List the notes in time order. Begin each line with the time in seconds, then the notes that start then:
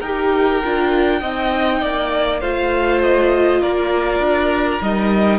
0.00 D#4 G4 A#4 G5
0.64 D4 F4
1.21 C4 D#4 D#5
1.81 A#3 D5
2.41 A3 F4 C5 F5
3.03 D#5
3.61 A#3 A#4 D5
4.20 D4
4.81 G3 D#4 D#5